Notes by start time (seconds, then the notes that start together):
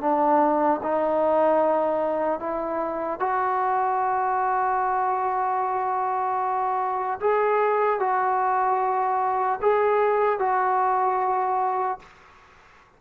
0.00 D4
0.82 D#4
2.39 E4
3.19 F#4
7.20 G#4
7.99 F#4
9.61 G#4
10.39 F#4